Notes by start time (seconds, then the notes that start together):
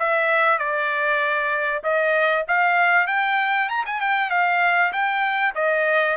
0.00 E5
0.59 D5
1.84 D#5
2.48 F5
3.07 G5
3.69 A#5
3.86 G#5
4.01 G5
4.31 F5
4.93 G5
5.56 D#5